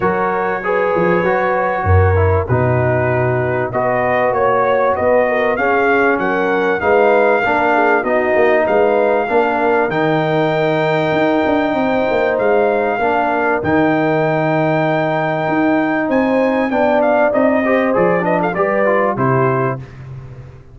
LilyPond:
<<
  \new Staff \with { instrumentName = "trumpet" } { \time 4/4 \tempo 4 = 97 cis''1 | b'2 dis''4 cis''4 | dis''4 f''4 fis''4 f''4~ | f''4 dis''4 f''2 |
g''1 | f''2 g''2~ | g''2 gis''4 g''8 f''8 | dis''4 d''8 dis''16 f''16 d''4 c''4 | }
  \new Staff \with { instrumentName = "horn" } { \time 4/4 ais'4 b'2 ais'4 | fis'2 b'4 cis''4 | b'8 ais'8 gis'4 ais'4 b'4 | ais'8 gis'8 fis'4 b'4 ais'4~ |
ais'2. c''4~ | c''4 ais'2.~ | ais'2 c''4 d''4~ | d''8 c''4 b'16 a'16 b'4 g'4 | }
  \new Staff \with { instrumentName = "trombone" } { \time 4/4 fis'4 gis'4 fis'4. e'8 | dis'2 fis'2~ | fis'4 cis'2 dis'4 | d'4 dis'2 d'4 |
dis'1~ | dis'4 d'4 dis'2~ | dis'2. d'4 | dis'8 g'8 gis'8 d'8 g'8 f'8 e'4 | }
  \new Staff \with { instrumentName = "tuba" } { \time 4/4 fis4. f8 fis4 fis,4 | b,2 b4 ais4 | b4 cis'4 fis4 gis4 | ais4 b8 ais8 gis4 ais4 |
dis2 dis'8 d'8 c'8 ais8 | gis4 ais4 dis2~ | dis4 dis'4 c'4 b4 | c'4 f4 g4 c4 | }
>>